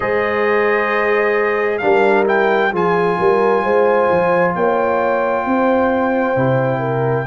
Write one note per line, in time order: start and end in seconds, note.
0.00 1.81 G#3
0.00 1.81 G#4
0.00 1.81 C5
0.00 1.78 D#5
1.78 2.72 G3
1.78 2.25 D4
1.78 2.71 A#4
1.78 2.23 F5
2.25 2.71 E4
2.25 2.73 G5
2.71 3.18 F3
2.71 6.35 F4
2.71 3.16 G#4
2.71 4.55 G#5
3.18 3.64 G3
3.18 3.63 A#4
3.63 4.09 G#3
3.63 4.54 C5
4.10 4.55 F3
4.55 5.46 A#3
4.55 5.45 C#5
4.55 7.26 G5
5.45 6.36 C4
5.45 6.79 C5
6.35 7.26 C3
6.35 7.26 E4
6.79 7.24 A#4